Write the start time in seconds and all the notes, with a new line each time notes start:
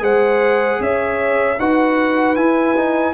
0.00 G#3 G#4 C5 F#5
0.80 C#4 C#5 E5
1.59 D#4 F#4 B4 F#5
2.36 E4 G#5
2.76 D#4